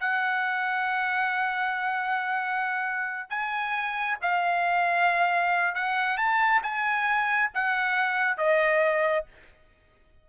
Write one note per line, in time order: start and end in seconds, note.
0.00 3.30 F#5
3.30 4.18 G#5
4.22 5.75 F5
5.75 6.18 F#5
6.18 6.62 A5
6.63 7.51 G#5
7.54 8.37 F#5
8.37 9.26 D#5